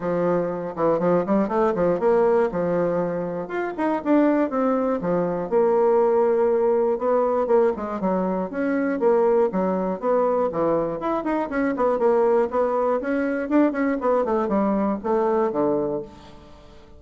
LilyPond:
\new Staff \with { instrumentName = "bassoon" } { \time 4/4 \tempo 4 = 120 f4. e8 f8 g8 a8 f8 | ais4 f2 f'8 dis'8 | d'4 c'4 f4 ais4~ | ais2 b4 ais8 gis8 |
fis4 cis'4 ais4 fis4 | b4 e4 e'8 dis'8 cis'8 b8 | ais4 b4 cis'4 d'8 cis'8 | b8 a8 g4 a4 d4 | }